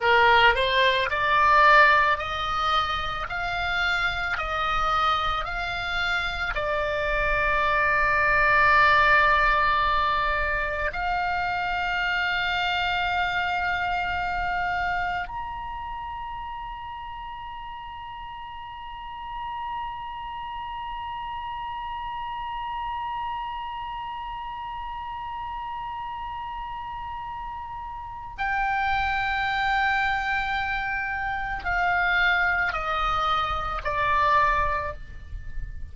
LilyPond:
\new Staff \with { instrumentName = "oboe" } { \time 4/4 \tempo 4 = 55 ais'8 c''8 d''4 dis''4 f''4 | dis''4 f''4 d''2~ | d''2 f''2~ | f''2 ais''2~ |
ais''1~ | ais''1~ | ais''2 g''2~ | g''4 f''4 dis''4 d''4 | }